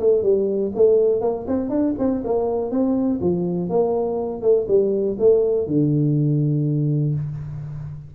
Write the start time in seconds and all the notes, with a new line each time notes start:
0.00 A3
0.23 G3
0.75 A3
1.21 A#3
1.48 C4
1.70 D4
1.99 C4
2.24 A#3
2.71 C4
3.21 F3
3.69 A#3
4.42 A3
4.68 G3
5.19 A3
5.67 D3